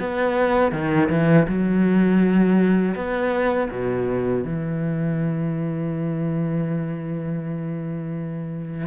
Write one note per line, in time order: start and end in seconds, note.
0.00 0.72 B3
0.72 1.09 D#3
1.10 1.47 E3
1.48 2.96 F#3
2.96 3.70 B3
3.71 4.45 B2
4.45 8.87 E3